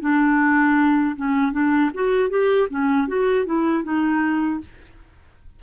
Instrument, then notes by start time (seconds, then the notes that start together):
clarinet
0.00 D4
1.15 C#4
1.52 D4
1.93 F#4
2.29 G4
2.70 C#4
3.07 F#4
3.45 E4
3.83 D#4